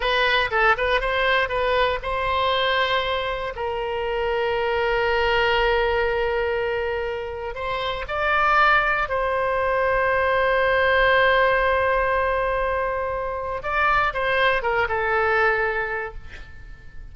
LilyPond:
\new Staff \with { instrumentName = "oboe" } { \time 4/4 \tempo 4 = 119 b'4 a'8 b'8 c''4 b'4 | c''2. ais'4~ | ais'1~ | ais'2. c''4 |
d''2 c''2~ | c''1~ | c''2. d''4 | c''4 ais'8 a'2~ a'8 | }